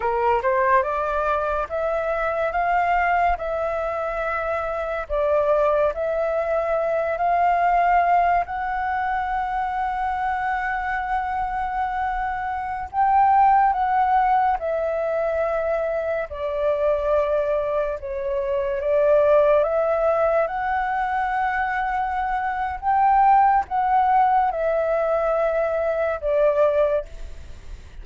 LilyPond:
\new Staff \with { instrumentName = "flute" } { \time 4/4 \tempo 4 = 71 ais'8 c''8 d''4 e''4 f''4 | e''2 d''4 e''4~ | e''8 f''4. fis''2~ | fis''2.~ fis''16 g''8.~ |
g''16 fis''4 e''2 d''8.~ | d''4~ d''16 cis''4 d''4 e''8.~ | e''16 fis''2~ fis''8. g''4 | fis''4 e''2 d''4 | }